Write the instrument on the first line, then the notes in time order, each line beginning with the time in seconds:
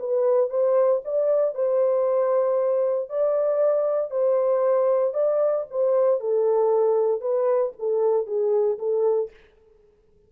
horn
0.00 B4
0.50 C5
1.05 D5
1.55 C5
3.10 D5
4.11 C5
5.14 D5
5.71 C5
6.21 A4
7.22 B4
7.79 A4
8.27 G#4
8.79 A4